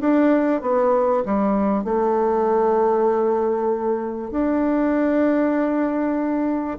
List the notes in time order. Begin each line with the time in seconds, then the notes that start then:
0.00 D4
0.62 B3
1.25 G3
1.84 A3
4.31 D4